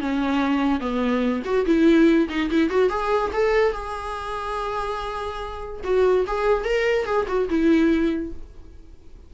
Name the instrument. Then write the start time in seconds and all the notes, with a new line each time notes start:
viola
0.00 C#4
0.80 B3
1.44 F#4
1.66 E4
2.29 D#4
2.51 E4
2.70 F#4
2.89 G#4
3.33 A4
3.73 G#4
5.84 F#4
6.27 G#4
6.64 A#4
7.05 G#4
7.28 F#4
7.49 E4